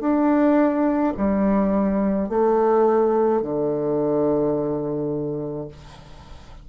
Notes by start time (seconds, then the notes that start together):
0.00 D4
1.17 G3
2.29 A3
3.42 D3